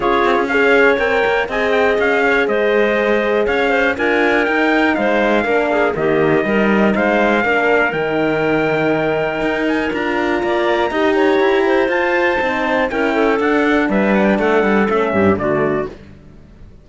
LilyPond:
<<
  \new Staff \with { instrumentName = "trumpet" } { \time 4/4 \tempo 4 = 121 cis''4 f''4 g''4 gis''8 g''8 | f''4 dis''2 f''4 | gis''4 g''4 f''2 | dis''2 f''2 |
g''2.~ g''8 gis''8 | ais''1 | a''2 g''4 fis''4 | e''8 fis''16 g''16 fis''4 e''4 d''4 | }
  \new Staff \with { instrumentName = "clarinet" } { \time 4/4 gis'4 cis''2 dis''4~ | dis''8 cis''8 c''2 cis''8 c''8 | ais'2 c''4 ais'8 gis'8 | g'4 ais'4 c''4 ais'4~ |
ais'1~ | ais'4 d''4 dis''8 cis''4 c''8~ | c''2 ais'8 a'4. | b'4 a'4. g'8 fis'4 | }
  \new Staff \with { instrumentName = "horn" } { \time 4/4 f'4 gis'4 ais'4 gis'4~ | gis'1 | f'4 dis'2 d'4 | ais4 dis'2 d'4 |
dis'1 | f'2 g'2 | f'4 dis'4 e'4 d'4~ | d'2 cis'4 a4 | }
  \new Staff \with { instrumentName = "cello" } { \time 4/4 cis'8 c'16 cis'4~ cis'16 c'8 ais8 c'4 | cis'4 gis2 cis'4 | d'4 dis'4 gis4 ais4 | dis4 g4 gis4 ais4 |
dis2. dis'4 | d'4 ais4 dis'4 e'4 | f'4 c'4 cis'4 d'4 | g4 a8 g8 a8 g,8 d4 | }
>>